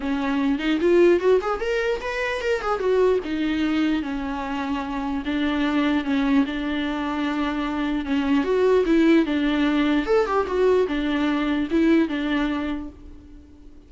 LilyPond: \new Staff \with { instrumentName = "viola" } { \time 4/4 \tempo 4 = 149 cis'4. dis'8 f'4 fis'8 gis'8 | ais'4 b'4 ais'8 gis'8 fis'4 | dis'2 cis'2~ | cis'4 d'2 cis'4 |
d'1 | cis'4 fis'4 e'4 d'4~ | d'4 a'8 g'8 fis'4 d'4~ | d'4 e'4 d'2 | }